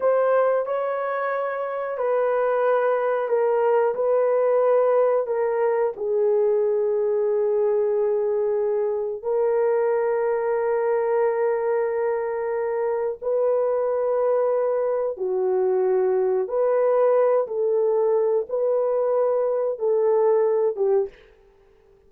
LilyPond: \new Staff \with { instrumentName = "horn" } { \time 4/4 \tempo 4 = 91 c''4 cis''2 b'4~ | b'4 ais'4 b'2 | ais'4 gis'2.~ | gis'2 ais'2~ |
ais'1 | b'2. fis'4~ | fis'4 b'4. a'4. | b'2 a'4. g'8 | }